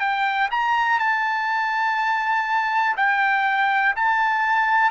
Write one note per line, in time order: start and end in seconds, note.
0.00 0.49 G5
0.51 0.99 A#5
0.99 2.96 A5
2.97 3.95 G5
3.96 4.91 A5